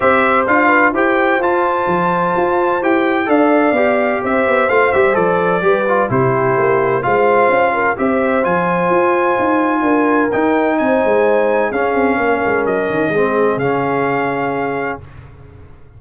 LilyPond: <<
  \new Staff \with { instrumentName = "trumpet" } { \time 4/4 \tempo 4 = 128 e''4 f''4 g''4 a''4~ | a''2 g''4 f''4~ | f''4 e''4 f''8 e''8 d''4~ | d''4 c''2 f''4~ |
f''4 e''4 gis''2~ | gis''2 g''4 gis''4~ | gis''4 f''2 dis''4~ | dis''4 f''2. | }
  \new Staff \with { instrumentName = "horn" } { \time 4/4 c''4. b'8 c''2~ | c''2. d''4~ | d''4 c''2. | b'4 g'2 c''4~ |
c''8 ais'8 c''2.~ | c''4 ais'2 c''4~ | c''4 gis'4 ais'2 | gis'1 | }
  \new Staff \with { instrumentName = "trombone" } { \time 4/4 g'4 f'4 g'4 f'4~ | f'2 g'4 a'4 | g'2 f'8 g'8 a'4 | g'8 f'8 e'2 f'4~ |
f'4 g'4 f'2~ | f'2 dis'2~ | dis'4 cis'2. | c'4 cis'2. | }
  \new Staff \with { instrumentName = "tuba" } { \time 4/4 c'4 d'4 e'4 f'4 | f4 f'4 e'4 d'4 | b4 c'8 b8 a8 g8 f4 | g4 c4 ais4 gis4 |
cis'4 c'4 f4 f'4 | dis'4 d'4 dis'4 c'8 gis8~ | gis4 cis'8 c'8 ais8 gis8 fis8 dis8 | gis4 cis2. | }
>>